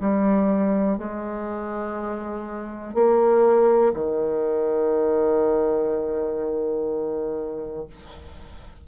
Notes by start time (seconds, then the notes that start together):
0.00 G3
0.98 G#3
2.94 A#3
3.93 D#3